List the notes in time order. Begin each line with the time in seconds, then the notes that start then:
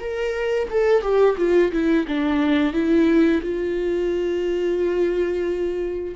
0.00 A#4
0.70 A4
1.02 G4
1.37 F4
1.72 E4
2.07 D4
2.73 E4
3.42 F4